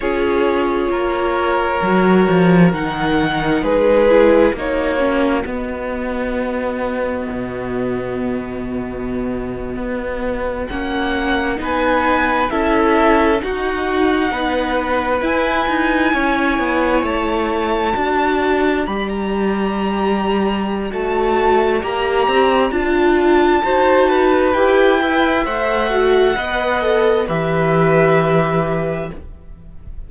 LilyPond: <<
  \new Staff \with { instrumentName = "violin" } { \time 4/4 \tempo 4 = 66 cis''2. fis''4 | b'4 cis''4 dis''2~ | dis''2.~ dis''8. fis''16~ | fis''8. gis''4 e''4 fis''4~ fis''16~ |
fis''8. gis''2 a''4~ a''16~ | a''8. b''16 ais''2 a''4 | ais''4 a''2 g''4 | fis''2 e''2 | }
  \new Staff \with { instrumentName = "violin" } { \time 4/4 gis'4 ais'2. | gis'4 fis'2.~ | fis'1~ | fis'8. b'4 a'4 fis'4 b'16~ |
b'4.~ b'16 cis''2 d''16~ | d''1~ | d''2 c''8 b'4 e''8~ | e''4 dis''4 b'2 | }
  \new Staff \with { instrumentName = "viola" } { \time 4/4 f'2 fis'4 dis'4~ | dis'8 e'8 dis'8 cis'8 b2~ | b2.~ b8. cis'16~ | cis'8. dis'4 e'4 dis'4~ dis'16~ |
dis'8. e'2. fis'16~ | fis'8. g'2~ g'16 fis'4 | g'4 f'4 fis'4 g'8 b'8 | c''8 fis'8 b'8 a'8 g'2 | }
  \new Staff \with { instrumentName = "cello" } { \time 4/4 cis'4 ais4 fis8 f8 dis4 | gis4 ais4 b2 | b,2~ b,8. b4 ais16~ | ais8. b4 cis'4 dis'4 b16~ |
b8. e'8 dis'8 cis'8 b8 a4 d'16~ | d'8. g2~ g16 a4 | ais8 c'8 d'4 dis'4 e'4 | a4 b4 e2 | }
>>